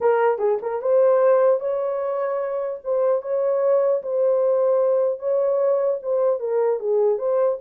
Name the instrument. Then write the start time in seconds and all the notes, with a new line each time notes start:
horn
0.01 A#4
0.38 G#4
0.61 A#4
0.81 C5
1.60 C#5
2.84 C5
3.22 C#5
4.02 C5
5.19 C#5
6.02 C5
6.39 A#4
6.79 G#4
7.18 C5